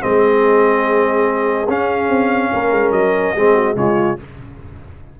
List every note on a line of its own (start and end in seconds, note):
0.00 1.68 G#3
0.00 1.67 C4
0.00 2.52 G#4
0.00 1.68 D#5
1.68 2.08 C#4
1.68 3.35 C#4
1.68 2.92 F5
2.08 2.50 C4
2.52 2.71 A#3
2.52 3.35 A#4
2.71 2.91 G#3
2.91 3.32 F#3
2.91 3.75 D#5
3.35 3.76 G#3
3.35 3.75 C4
3.35 3.55 G#4
3.55 3.76 F#4
3.75 4.17 C#3
3.75 4.16 G#3
3.75 4.19 F4
3.75 4.18 C#5